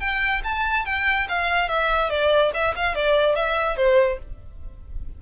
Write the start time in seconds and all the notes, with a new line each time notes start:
0.00 G5
0.44 A5
0.86 G5
1.29 F5
1.69 E5
2.10 D5
2.54 E5
2.76 F5
2.95 D5
3.36 E5
3.77 C5